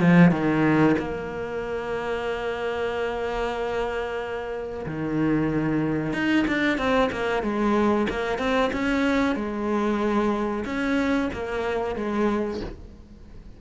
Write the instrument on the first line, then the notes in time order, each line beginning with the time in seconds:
cello
0.00 F3
0.31 D#3
0.99 A#3
4.86 D#3
6.13 D#4
6.48 D4
6.78 C4
7.12 A#3
7.43 G#3
8.09 A#3
8.38 C4
8.72 C#4
9.35 G#3
10.65 C#4
11.33 A#3
11.96 G#3